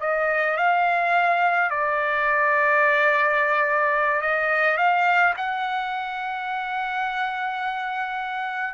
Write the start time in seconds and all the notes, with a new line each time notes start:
0.00 D#5
0.57 F5
1.70 D5
4.21 D#5
4.77 F5
5.37 F#5